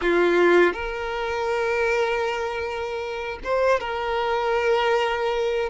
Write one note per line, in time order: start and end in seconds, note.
0.01 0.72 F4
0.72 3.38 A#4
3.43 3.80 C5
3.80 5.69 A#4